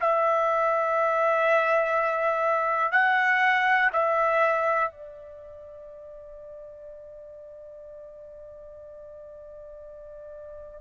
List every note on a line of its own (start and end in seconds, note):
0.00 2.92 E5
2.92 3.90 F#5
3.93 4.90 E5
4.90 10.80 D5